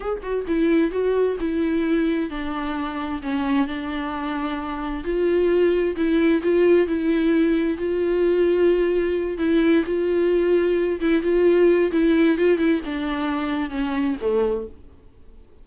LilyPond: \new Staff \with { instrumentName = "viola" } { \time 4/4 \tempo 4 = 131 gis'8 fis'8 e'4 fis'4 e'4~ | e'4 d'2 cis'4 | d'2. f'4~ | f'4 e'4 f'4 e'4~ |
e'4 f'2.~ | f'8 e'4 f'2~ f'8 | e'8 f'4. e'4 f'8 e'8 | d'2 cis'4 a4 | }